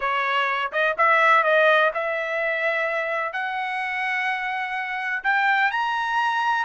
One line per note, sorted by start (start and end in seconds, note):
0.00 0.71 C#5
0.72 0.95 D#5
0.97 1.43 E5
1.43 1.91 D#5
1.94 3.32 E5
3.32 5.23 F#5
5.23 5.71 G5
5.71 6.65 A#5